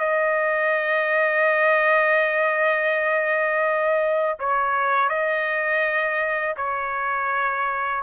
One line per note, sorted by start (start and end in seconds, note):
0.00 4.39 D#5
4.40 5.10 C#5
5.10 6.56 D#5
6.57 8.04 C#5